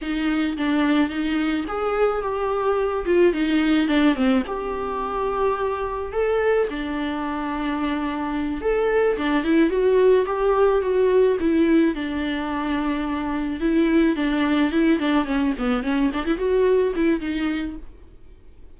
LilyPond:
\new Staff \with { instrumentName = "viola" } { \time 4/4 \tempo 4 = 108 dis'4 d'4 dis'4 gis'4 | g'4. f'8 dis'4 d'8 c'8 | g'2. a'4 | d'2.~ d'8 a'8~ |
a'8 d'8 e'8 fis'4 g'4 fis'8~ | fis'8 e'4 d'2~ d'8~ | d'8 e'4 d'4 e'8 d'8 cis'8 | b8 cis'8 d'16 e'16 fis'4 e'8 dis'4 | }